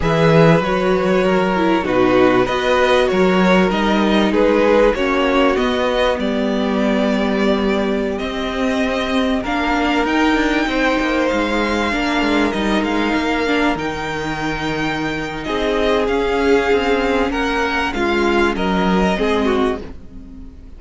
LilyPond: <<
  \new Staff \with { instrumentName = "violin" } { \time 4/4 \tempo 4 = 97 e''4 cis''2 b'4 | dis''4 cis''4 dis''4 b'4 | cis''4 dis''4 d''2~ | d''4~ d''16 dis''2 f''8.~ |
f''16 g''2 f''4.~ f''16~ | f''16 dis''8 f''4. g''4.~ g''16~ | g''4 dis''4 f''2 | fis''4 f''4 dis''2 | }
  \new Staff \with { instrumentName = "violin" } { \time 4/4 b'2 ais'4 fis'4 | b'4 ais'2 gis'4 | fis'2 g'2~ | g'2.~ g'16 ais'8.~ |
ais'4~ ais'16 c''2 ais'8.~ | ais'1~ | ais'4 gis'2. | ais'4 f'4 ais'4 gis'8 fis'8 | }
  \new Staff \with { instrumentName = "viola" } { \time 4/4 gis'4 fis'4. e'8 dis'4 | fis'2 dis'2 | cis'4 b2.~ | b4~ b16 c'2 d'8.~ |
d'16 dis'2. d'8.~ | d'16 dis'4. d'8 dis'4.~ dis'16~ | dis'2 cis'2~ | cis'2. c'4 | }
  \new Staff \with { instrumentName = "cello" } { \time 4/4 e4 fis2 b,4 | b4 fis4 g4 gis4 | ais4 b4 g2~ | g4~ g16 c'2 ais8.~ |
ais16 dis'8 d'8 c'8 ais8 gis4 ais8 gis16~ | gis16 g8 gis8 ais4 dis4.~ dis16~ | dis4 c'4 cis'4 c'4 | ais4 gis4 fis4 gis4 | }
>>